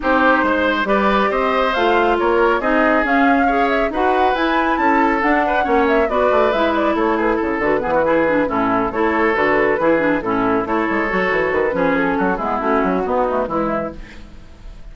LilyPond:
<<
  \new Staff \with { instrumentName = "flute" } { \time 4/4 \tempo 4 = 138 c''2 d''4 dis''4 | f''4 cis''4 dis''4 f''4~ | f''8 e''8 fis''4 gis''4 a''4 | fis''4. e''8 d''4 e''8 d''8 |
cis''8 b'8 a'8 b'2 a'8~ | a'8 cis''4 b'2 a'8~ | a'8 cis''2 b'4 a'8~ | a'8 gis'8 fis'2 e'4 | }
  \new Staff \with { instrumentName = "oboe" } { \time 4/4 g'4 c''4 b'4 c''4~ | c''4 ais'4 gis'2 | cis''4 b'2 a'4~ | a'8 b'8 cis''4 b'2 |
a'8 gis'8 a'4 gis'16 fis'16 gis'4 e'8~ | e'8 a'2 gis'4 e'8~ | e'8 a'2~ a'8 gis'4 | fis'8 e'4. dis'4 e'4 | }
  \new Staff \with { instrumentName = "clarinet" } { \time 4/4 dis'2 g'2 | f'2 dis'4 cis'4 | gis'4 fis'4 e'2 | d'4 cis'4 fis'4 e'4~ |
e'4. fis'8 b8 e'8 d'8 cis'8~ | cis'8 e'4 fis'4 e'8 d'8 cis'8~ | cis'8 e'4 fis'4. cis'4~ | cis'8 b8 cis'4 b8 a8 gis4 | }
  \new Staff \with { instrumentName = "bassoon" } { \time 4/4 c'4 gis4 g4 c'4 | a4 ais4 c'4 cis'4~ | cis'4 dis'4 e'4 cis'4 | d'4 ais4 b8 a8 gis4 |
a4 cis8 d8 e4. a,8~ | a,8 a4 d4 e4 a,8~ | a,8 a8 gis8 fis8 e8 dis8 f4 | fis8 gis8 a8 fis8 b4 e4 | }
>>